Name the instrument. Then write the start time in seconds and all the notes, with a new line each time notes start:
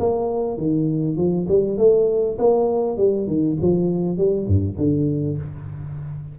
tuba
0.00 A#3
0.58 D#3
1.17 F3
1.49 G3
1.78 A3
2.39 A#3
2.98 G3
3.28 D#3
3.62 F3
4.18 G3
4.48 G2
4.78 D3